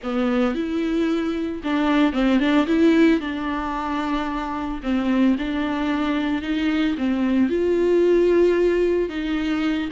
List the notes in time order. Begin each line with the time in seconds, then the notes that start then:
0.03 B3
0.55 E4
1.63 D4
2.12 C4
2.39 D4
2.66 E4
3.20 D4
4.82 C4
5.38 D4
6.42 D#4
6.97 C4
7.49 F4
9.09 D#4